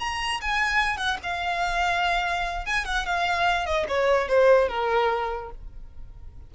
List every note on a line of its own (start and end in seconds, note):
0.00 0.41 A#5
0.41 0.98 G#5
0.98 1.18 F#5
1.23 2.66 F5
2.66 2.86 G#5
2.86 3.06 F#5
3.06 3.66 F5
3.66 3.87 D#5
3.89 4.29 C#5
4.29 4.69 C5
4.69 5.51 A#4